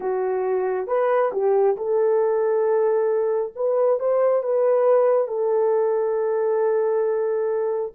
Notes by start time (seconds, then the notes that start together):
0.00 F#4
0.87 B4
1.32 G4
1.76 A4
3.55 B4
3.99 C5
4.42 B4
5.27 A4